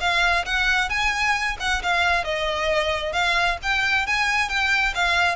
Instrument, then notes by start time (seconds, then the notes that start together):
violin
0.00 F5
0.45 F#5
0.89 G#5
1.60 F#5
1.82 F5
2.24 D#5
3.13 F5
3.62 G5
4.06 G#5
4.49 G5
4.95 F5